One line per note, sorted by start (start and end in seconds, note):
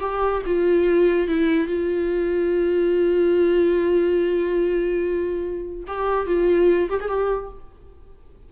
0.00 0.42 G4
0.46 1.28 F4
1.28 1.67 E4
1.67 5.84 F4
5.87 6.26 G4
6.26 6.89 F4
6.89 7.00 G4
7.01 7.08 G#4
7.08 7.49 G4